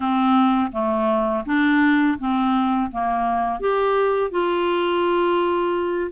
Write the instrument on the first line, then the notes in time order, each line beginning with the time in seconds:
clarinet
0.00 C4
0.72 A3
1.45 D4
2.18 C4
2.91 A#3
3.60 G4
4.30 F4